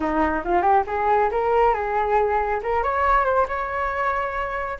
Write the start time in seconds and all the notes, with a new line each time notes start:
0.00 D#4
0.44 F4
0.62 G4
0.87 G#4
1.31 A#4
1.74 G#4
2.62 A#4
2.83 C#5
3.25 C5
3.47 C#5